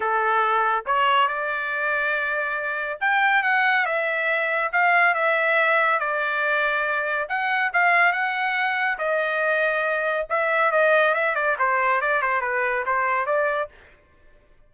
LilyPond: \new Staff \with { instrumentName = "trumpet" } { \time 4/4 \tempo 4 = 140 a'2 cis''4 d''4~ | d''2. g''4 | fis''4 e''2 f''4 | e''2 d''2~ |
d''4 fis''4 f''4 fis''4~ | fis''4 dis''2. | e''4 dis''4 e''8 d''8 c''4 | d''8 c''8 b'4 c''4 d''4 | }